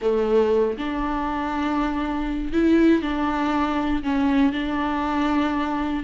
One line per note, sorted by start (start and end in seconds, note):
0.01 0.77 A3
0.77 2.52 D4
2.52 3.01 E4
3.01 4.02 D4
4.03 4.52 C#4
4.52 6.03 D4